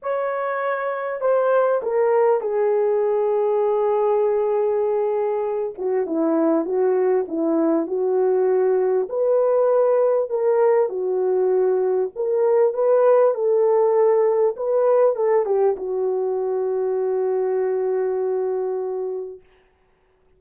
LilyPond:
\new Staff \with { instrumentName = "horn" } { \time 4/4 \tempo 4 = 99 cis''2 c''4 ais'4 | gis'1~ | gis'4. fis'8 e'4 fis'4 | e'4 fis'2 b'4~ |
b'4 ais'4 fis'2 | ais'4 b'4 a'2 | b'4 a'8 g'8 fis'2~ | fis'1 | }